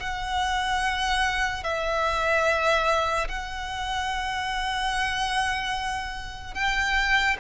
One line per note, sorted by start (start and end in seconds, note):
0.00 1.64 F#5
1.64 3.28 E5
3.29 6.55 F#5
6.55 7.37 G5